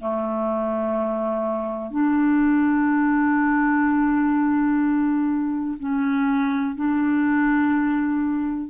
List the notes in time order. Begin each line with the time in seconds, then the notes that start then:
0.00 A3
1.91 D4
5.80 C#4
6.76 D4